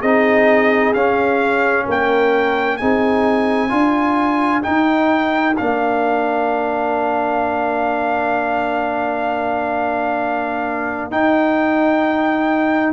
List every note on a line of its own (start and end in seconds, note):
0.00 0.93 C4
0.00 0.95 D#4
0.00 1.85 G#4
0.00 0.93 D#5
0.93 1.86 C#4
0.93 2.81 C#4
0.93 1.86 F5
1.86 2.80 A#3
1.86 2.78 A#4
1.86 2.77 G5
2.77 3.71 C4
2.77 3.69 D#4
2.77 3.70 G#4
2.77 4.62 G#5
3.69 4.64 D4
3.69 4.62 F4
3.69 12.93 A#4
4.62 5.54 D#4
4.62 5.59 D#4
4.62 5.55 G5
5.57 11.11 A#3
5.57 11.11 D4
5.57 11.11 F5
11.11 12.93 D#4
11.11 12.93 G5